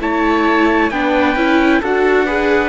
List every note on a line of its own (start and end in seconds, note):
0.00 0.91 A3
0.00 0.91 E4
0.00 0.92 C#5
0.00 0.90 A5
0.90 1.35 B3
0.90 1.36 D4
0.90 1.80 B4
0.90 1.81 G5
1.35 1.81 C#4
1.35 1.82 E4
1.80 2.69 D4
1.80 2.27 F#4
1.80 2.25 A4
1.80 2.69 F#5
2.25 2.69 G#4
2.25 2.69 B4